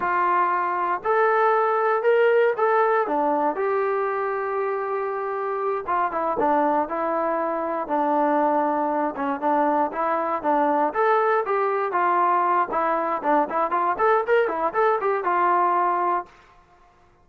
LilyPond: \new Staff \with { instrumentName = "trombone" } { \time 4/4 \tempo 4 = 118 f'2 a'2 | ais'4 a'4 d'4 g'4~ | g'2.~ g'8 f'8 | e'8 d'4 e'2 d'8~ |
d'2 cis'8 d'4 e'8~ | e'8 d'4 a'4 g'4 f'8~ | f'4 e'4 d'8 e'8 f'8 a'8 | ais'8 e'8 a'8 g'8 f'2 | }